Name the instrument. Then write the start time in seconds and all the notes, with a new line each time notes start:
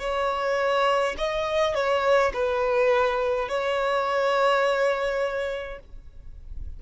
violin
0.00 C#5
1.18 D#5
1.75 C#5
2.34 B4
3.49 C#5